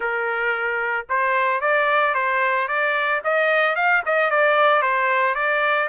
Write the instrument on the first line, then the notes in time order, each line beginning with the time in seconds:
trumpet
0.00 A#4
1.09 C5
1.60 D5
2.14 C5
2.68 D5
3.24 D#5
3.75 F5
4.05 D#5
4.30 D5
4.82 C5
5.34 D5